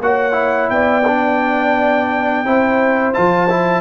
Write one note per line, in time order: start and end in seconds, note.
0.00 0.70 A#3
0.00 0.32 F#4
0.00 0.73 C#5
0.00 0.70 F#5
0.32 1.02 E4
0.70 2.44 B3
0.70 2.46 D5
0.70 3.14 G5
1.06 2.45 D4
2.44 3.14 C4
2.44 3.14 E4
2.44 3.81 C5
3.14 3.81 F3
3.14 3.48 F4
3.14 3.81 A5
3.50 3.81 E4